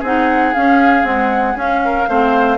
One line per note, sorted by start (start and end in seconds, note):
0.00 0.54 C4
0.00 0.55 D#4
0.00 1.79 G#4
0.00 0.54 F#5
0.54 1.04 C#4
0.54 1.06 F5
1.04 1.55 G#3
1.04 1.55 C4
1.04 1.57 F#5
1.56 2.07 C#4
1.56 2.58 F5
1.85 2.09 A#4
2.09 2.58 A3
2.09 2.58 C4
2.09 2.58 C5